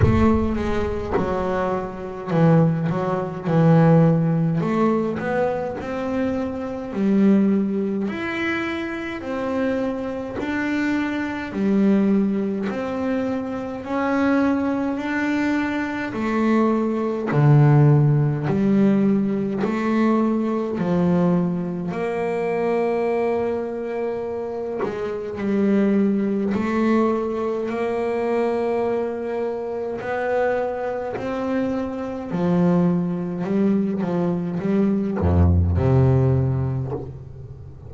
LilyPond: \new Staff \with { instrumentName = "double bass" } { \time 4/4 \tempo 4 = 52 a8 gis8 fis4 e8 fis8 e4 | a8 b8 c'4 g4 e'4 | c'4 d'4 g4 c'4 | cis'4 d'4 a4 d4 |
g4 a4 f4 ais4~ | ais4. gis8 g4 a4 | ais2 b4 c'4 | f4 g8 f8 g8 f,8 c4 | }